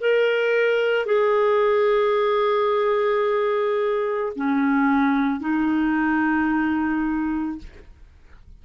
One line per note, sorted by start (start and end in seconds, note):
0.00 1.06 A#4
1.06 4.33 G#4
4.35 5.40 C#4
5.40 7.58 D#4